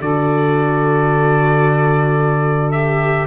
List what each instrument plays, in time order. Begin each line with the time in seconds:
0.00 tuba D3, viola F#4, saxophone A4, trumpet D5
2.71 viola G4, trumpet E5